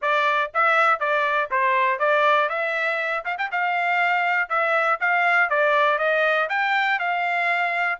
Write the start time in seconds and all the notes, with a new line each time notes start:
0.01 D5
0.54 E5
0.99 D5
1.50 C5
1.99 D5
2.49 E5
3.25 F5
3.38 G5
3.51 F5
4.49 E5
5.00 F5
5.49 D5
5.98 D#5
6.49 G5
6.99 F5